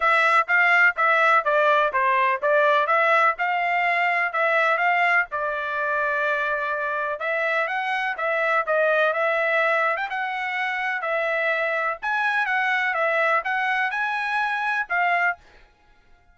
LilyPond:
\new Staff \with { instrumentName = "trumpet" } { \time 4/4 \tempo 4 = 125 e''4 f''4 e''4 d''4 | c''4 d''4 e''4 f''4~ | f''4 e''4 f''4 d''4~ | d''2. e''4 |
fis''4 e''4 dis''4 e''4~ | e''8. g''16 fis''2 e''4~ | e''4 gis''4 fis''4 e''4 | fis''4 gis''2 f''4 | }